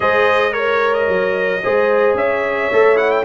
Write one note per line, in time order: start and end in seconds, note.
0.00 1.07 G#3
0.00 0.50 G#4
0.00 0.55 C5
0.00 0.53 D#5
0.51 1.60 A#4
0.51 0.93 C#5
0.51 1.63 C#5
0.93 2.15 D#5
1.07 1.61 F#3
1.63 2.14 G#3
1.63 2.71 G#4
1.63 2.16 C5
2.14 2.68 C#4
2.14 3.24 C#5
2.14 2.97 E5
2.72 3.24 A3
2.72 2.95 A4
2.95 3.23 E4
2.95 3.10 F#5
3.10 3.24 G5